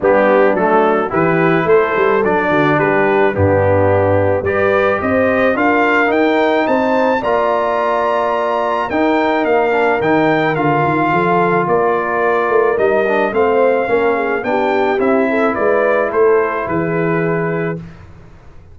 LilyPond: <<
  \new Staff \with { instrumentName = "trumpet" } { \time 4/4 \tempo 4 = 108 g'4 a'4 b'4 c''4 | d''4 b'4 g'2 | d''4 dis''4 f''4 g''4 | a''4 ais''2. |
g''4 f''4 g''4 f''4~ | f''4 d''2 dis''4 | f''2 g''4 e''4 | d''4 c''4 b'2 | }
  \new Staff \with { instrumentName = "horn" } { \time 4/4 d'2 g'4 a'4~ | a'8 fis'8 g'4 d'2 | b'4 c''4 ais'2 | c''4 d''2. |
ais'1 | a'4 ais'2. | c''4 ais'8 gis'8 g'4. a'8 | b'4 a'4 gis'2 | }
  \new Staff \with { instrumentName = "trombone" } { \time 4/4 b4 a4 e'2 | d'2 b2 | g'2 f'4 dis'4~ | dis'4 f'2. |
dis'4. d'8 dis'4 f'4~ | f'2. dis'8 d'8 | c'4 cis'4 d'4 e'4~ | e'1 | }
  \new Staff \with { instrumentName = "tuba" } { \time 4/4 g4 fis4 e4 a8 g8 | fis8 d8 g4 g,2 | g4 c'4 d'4 dis'4 | c'4 ais2. |
dis'4 ais4 dis4 d8 dis8 | f4 ais4. a8 g4 | a4 ais4 b4 c'4 | gis4 a4 e2 | }
>>